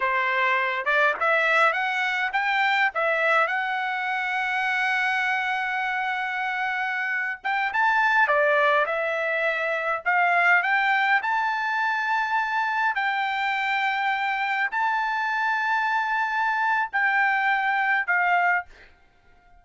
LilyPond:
\new Staff \with { instrumentName = "trumpet" } { \time 4/4 \tempo 4 = 103 c''4. d''8 e''4 fis''4 | g''4 e''4 fis''2~ | fis''1~ | fis''8. g''8 a''4 d''4 e''8.~ |
e''4~ e''16 f''4 g''4 a''8.~ | a''2~ a''16 g''4.~ g''16~ | g''4~ g''16 a''2~ a''8.~ | a''4 g''2 f''4 | }